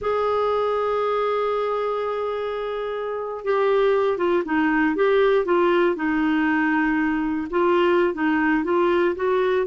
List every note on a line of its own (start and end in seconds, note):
0.01 3.44 G#4
3.44 4.17 G4
4.17 4.43 F4
4.45 4.95 D#4
4.95 5.45 G4
5.45 5.95 F4
5.95 7.48 D#4
7.50 8.14 F4
8.14 8.64 D#4
8.64 9.15 F4
9.15 9.66 F#4